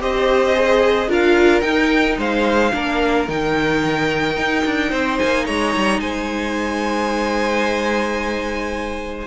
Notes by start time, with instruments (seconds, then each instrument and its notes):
0.00 cello C4, viola G4, violin C5 D#5
0.55 viola G#4
1.08 cello D4, viola F4, violin A#4 F5
1.61 viola D#4, cello D#4, violin G5
2.18 cello G#3, violin C5 F5
2.73 cello A#3, viola D4, violin A#4
3.28 cello D#3, viola D#4, violin G5
4.37 cello D#4
4.66 cello D4
4.90 cello C4, violin C5
5.19 cello A#3, violin G#5
5.45 cello G#3, violin C#5 A#5
5.76 cello G3
6.00 cello G#3, violin C5 G#5